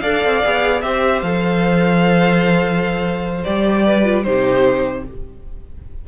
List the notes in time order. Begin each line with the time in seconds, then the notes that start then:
0.00 D4 A4 D5 F5
0.24 C4
0.43 B3 G#4
0.81 C4 G4 C5 E5
1.21 F3 A4 F5
3.44 G3 G4 D5
3.85 B4
4.04 F4
4.23 C3 D#4 G4 C5